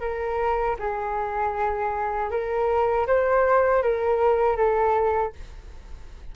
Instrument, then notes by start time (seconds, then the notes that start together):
flute
0.00 A#4
0.79 G#4
2.30 A#4
3.07 C5
3.82 A#4
4.56 A4